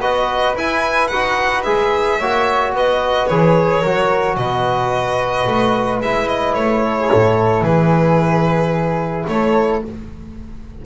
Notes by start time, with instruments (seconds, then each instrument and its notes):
0.00 double bass B3, trombone F#4, flute B4, violin D#5
0.56 double bass E4, trombone E4, violin G#5
1.07 double bass D#4, trombone F#4, violin F#5
1.63 double bass G#3, trombone G#4, violin E5
2.19 double bass A#3, trombone F#4, flute C#5
2.74 double bass B3, flute B4, violin D#5
3.27 double bass E3, trombone G#4, violin C#5
3.80 double bass F#3, trombone F#4, flute A#4
4.36 double bass B2, flute B4, violin D#5
5.46 double bass A3
6.00 double bass G#3, trombone E4, violin E5
6.28 violin D#5
6.54 double bass A3, violin C#5
6.84 flute A4
6.99 flute G#4
7.10 double bass A2, flute A4
7.61 double bass E3, flute G#4, violin B4
9.27 double bass A3, flute A4, violin C#5